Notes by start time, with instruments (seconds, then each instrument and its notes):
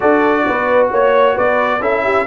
0.00 tuba D4, trombone F#4, horn A4, trumpet D5
0.46 tuba B3, horn B4
0.90 tuba A#3, horn C#5, trumpet C#5
1.34 tuba B3, horn B4, trumpet D5
1.80 tuba C#4, trombone E4, horn A4, trumpet E5
2.03 horn G4